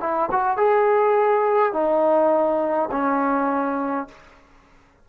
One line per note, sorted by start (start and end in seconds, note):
0.00 0.29 E4
0.31 0.57 F#4
0.57 1.73 G#4
1.73 2.89 D#4
2.91 4.08 C#4